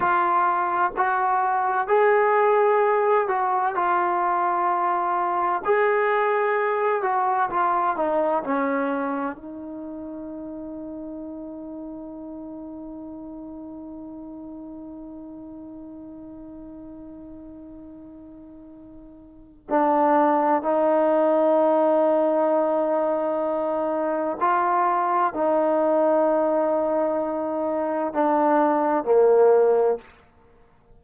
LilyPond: \new Staff \with { instrumentName = "trombone" } { \time 4/4 \tempo 4 = 64 f'4 fis'4 gis'4. fis'8 | f'2 gis'4. fis'8 | f'8 dis'8 cis'4 dis'2~ | dis'1~ |
dis'1~ | dis'4 d'4 dis'2~ | dis'2 f'4 dis'4~ | dis'2 d'4 ais4 | }